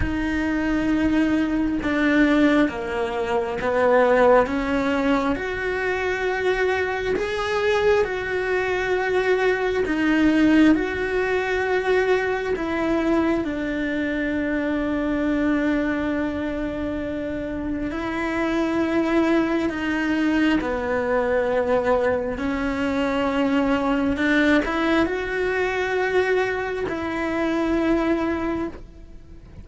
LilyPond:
\new Staff \with { instrumentName = "cello" } { \time 4/4 \tempo 4 = 67 dis'2 d'4 ais4 | b4 cis'4 fis'2 | gis'4 fis'2 dis'4 | fis'2 e'4 d'4~ |
d'1 | e'2 dis'4 b4~ | b4 cis'2 d'8 e'8 | fis'2 e'2 | }